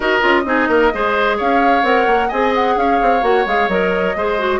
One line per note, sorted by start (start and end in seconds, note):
0.00 0.21 D#4
0.00 0.21 F#4
0.00 0.42 A#4
0.00 1.38 D#5
0.21 0.45 C#4
0.21 0.44 F4
0.45 0.68 C4
0.45 0.91 D#4
0.45 0.69 G#4
0.68 0.91 A#3
0.68 0.92 A#4
0.92 1.40 G#3
0.92 1.83 G#4
0.92 1.37 C5
1.37 1.83 C#4
1.37 2.28 C#5
1.37 1.84 F5
1.83 2.06 C4
1.83 2.29 A#4
1.83 2.29 F#5
2.06 2.29 A#3
2.28 2.76 C4
2.28 3.21 G#4
2.28 2.74 D#5
2.28 2.52 G#5
2.55 2.77 F#5
2.76 2.99 C#4
2.76 4.17 C#5
2.76 3.23 F5
3.02 3.22 C4
3.21 3.45 A#3
3.21 3.44 F#4
3.21 3.46 F#5
3.46 3.68 G#3
3.46 3.69 G#4
3.46 3.68 F5
3.68 4.14 F#3
3.68 4.15 A#4
3.68 4.60 D#5
4.15 4.60 G#3
4.15 4.38 G#4
4.15 4.60 C5
4.38 4.60 F#4